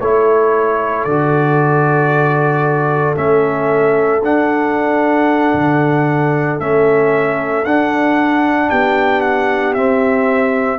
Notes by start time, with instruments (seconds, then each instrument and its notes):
0.00 tuba A3, trombone E4, horn A4, trumpet C#5
1.04 tuba D3, trombone F#4, trumpet D5
3.15 tuba A3, trombone C#4, trumpet E5
4.22 tuba D4, trombone D4, trumpet F#5
5.54 tuba D3
6.59 tuba A3, trombone C#4, trumpet E5
7.64 tuba D4, trombone D4, trumpet F#5
8.69 tuba B3, horn G4, trumpet G5
9.21 trumpet F#5
9.74 tuba C4, trombone C4, trumpet E5